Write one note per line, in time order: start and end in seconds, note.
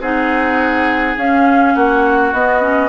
0.00 1.15 C4
0.00 1.17 D#4
0.00 1.74 G#4
0.00 1.17 F#5
1.17 1.75 C#4
1.17 2.34 C#4
1.17 1.75 F5
1.75 2.33 A#3
1.75 2.89 F#4
1.75 2.33 F#5
2.33 2.89 B3
2.33 2.61 B3
2.33 2.89 D#5
2.61 2.89 C#4